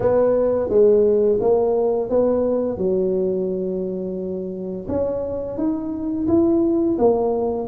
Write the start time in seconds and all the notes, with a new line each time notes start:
0.00 B3
0.68 G#3
1.40 A#3
2.09 B3
2.77 F#3
4.88 C#4
5.57 D#4
6.27 E4
6.98 A#3